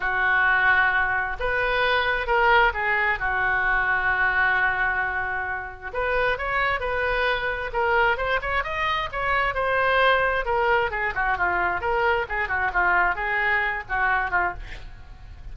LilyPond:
\new Staff \with { instrumentName = "oboe" } { \time 4/4 \tempo 4 = 132 fis'2. b'4~ | b'4 ais'4 gis'4 fis'4~ | fis'1~ | fis'4 b'4 cis''4 b'4~ |
b'4 ais'4 c''8 cis''8 dis''4 | cis''4 c''2 ais'4 | gis'8 fis'8 f'4 ais'4 gis'8 fis'8 | f'4 gis'4. fis'4 f'8 | }